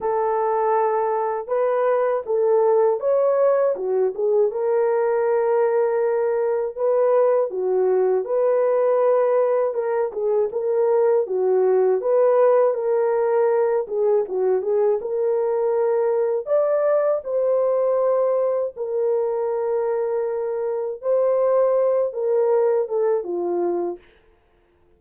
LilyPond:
\new Staff \with { instrumentName = "horn" } { \time 4/4 \tempo 4 = 80 a'2 b'4 a'4 | cis''4 fis'8 gis'8 ais'2~ | ais'4 b'4 fis'4 b'4~ | b'4 ais'8 gis'8 ais'4 fis'4 |
b'4 ais'4. gis'8 fis'8 gis'8 | ais'2 d''4 c''4~ | c''4 ais'2. | c''4. ais'4 a'8 f'4 | }